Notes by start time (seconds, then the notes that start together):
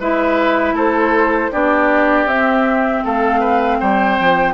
0.00 G#3 E4 B4 E5
0.73 A3 A4 C5
1.52 B3 D4 G4 D5
2.25 C4 E5
3.04 A3 A4 F5
3.40 B4
3.80 G3 C5 G5
4.19 F3